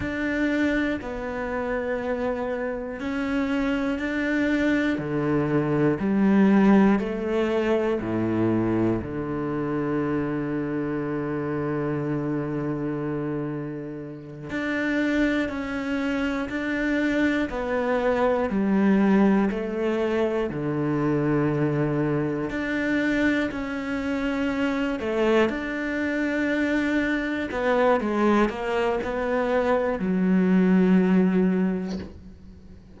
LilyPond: \new Staff \with { instrumentName = "cello" } { \time 4/4 \tempo 4 = 60 d'4 b2 cis'4 | d'4 d4 g4 a4 | a,4 d2.~ | d2~ d8 d'4 cis'8~ |
cis'8 d'4 b4 g4 a8~ | a8 d2 d'4 cis'8~ | cis'4 a8 d'2 b8 | gis8 ais8 b4 fis2 | }